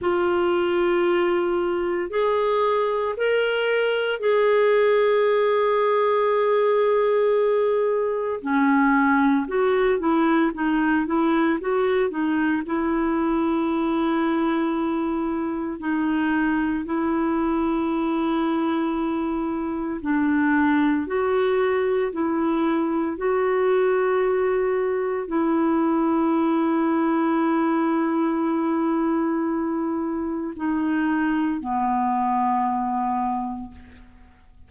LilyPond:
\new Staff \with { instrumentName = "clarinet" } { \time 4/4 \tempo 4 = 57 f'2 gis'4 ais'4 | gis'1 | cis'4 fis'8 e'8 dis'8 e'8 fis'8 dis'8 | e'2. dis'4 |
e'2. d'4 | fis'4 e'4 fis'2 | e'1~ | e'4 dis'4 b2 | }